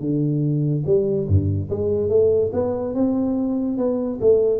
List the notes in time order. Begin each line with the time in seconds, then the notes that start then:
0.00 D3
0.86 G3
1.28 G2
1.70 G#3
2.09 A3
2.53 B3
2.94 C4
3.77 B3
4.21 A3